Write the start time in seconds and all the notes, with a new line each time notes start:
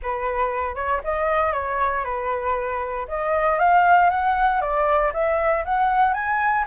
0.02 B4
0.75 C#5
1.04 D#5
1.52 C#5
2.04 B4
3.07 D#5
3.58 F5
4.09 F#5
4.61 D5
5.13 E5
5.65 F#5
6.13 G#5